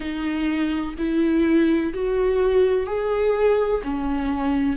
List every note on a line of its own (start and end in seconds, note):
0.00 0.94 D#4
0.97 1.93 E4
1.93 2.86 F#4
2.86 3.81 G#4
3.84 4.76 C#4